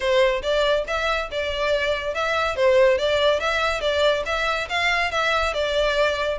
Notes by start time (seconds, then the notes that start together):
0.00 C5
0.42 D5
0.87 E5
1.31 D5
2.14 E5
2.56 C5
2.98 D5
3.40 E5
3.80 D5
4.25 E5
4.69 F5
5.11 E5
5.53 D5